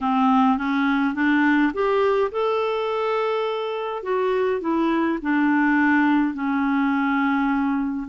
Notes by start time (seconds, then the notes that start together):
0.00 C4
0.57 C#4
1.14 D4
1.73 G4
2.31 A4
4.03 F#4
4.60 E4
5.22 D4
6.34 C#4